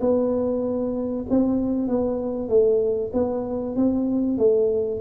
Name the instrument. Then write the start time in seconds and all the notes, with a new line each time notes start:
tuba
0.00 B3
1.30 C4
1.88 B3
2.49 A3
3.13 B3
3.76 C4
4.38 A3